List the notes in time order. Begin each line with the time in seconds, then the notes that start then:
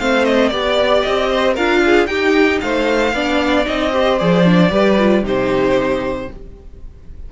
0.00 A3 C4 C5 F5
0.25 D#5
0.49 B3 G4 D5
1.02 C4 D#5
1.30 C5
1.54 D4 F4 A#4 F5
1.86 G#4
2.07 D#4 G4 G5
2.61 A3 C5 F5
3.13 B3 D4 D5
3.65 C4 D#4 D#5
3.93 G4 C5
4.20 F3 G#4 D5
4.46 D4
4.71 G3 G4 B4
4.99 F4
5.23 C3 D#4 G4 C5